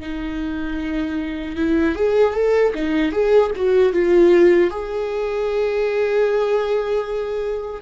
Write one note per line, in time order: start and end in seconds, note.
0.00 1.56 D#4
1.56 1.95 E4
1.95 2.34 G#4
2.34 2.73 A4
2.74 3.12 D#4
3.12 3.51 G#4
3.55 3.92 F#4
3.92 4.70 F4
4.70 7.82 G#4